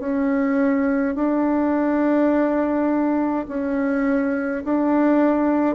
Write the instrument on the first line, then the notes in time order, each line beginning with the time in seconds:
bassoon
0.00 C#4
1.15 D4
3.48 C#4
4.65 D4